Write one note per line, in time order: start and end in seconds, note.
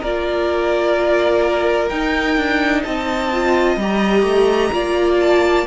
0.00 1.90 A#3
0.00 1.90 F4
0.00 2.81 A#4
0.00 1.88 D5
1.88 3.30 D#4
1.88 2.36 D#4
1.88 2.82 G5
2.36 2.83 D4
2.83 3.76 C4
2.83 4.72 D#5
2.83 3.76 A5
3.32 3.79 F4
3.76 4.22 G3
3.76 4.72 G4
3.76 5.20 A#5
4.22 4.69 A3
4.72 5.66 A#3
4.72 5.66 F4
4.72 5.66 D5
5.20 5.66 A5